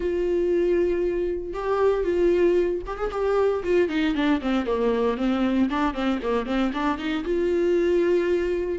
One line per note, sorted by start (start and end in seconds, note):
0.00 1.53 F4
1.53 2.04 G4
2.04 2.81 F4
2.86 2.97 G4
2.97 3.10 G#4
3.11 3.63 G4
3.63 3.88 F4
3.88 4.14 D#4
4.14 4.40 D4
4.41 4.66 C4
4.66 5.17 A#3
5.17 5.69 C4
5.69 5.93 D4
5.93 6.19 C4
6.22 6.46 A#3
6.46 6.72 C4
6.73 6.98 D4
6.98 7.24 D#4
7.24 8.78 F4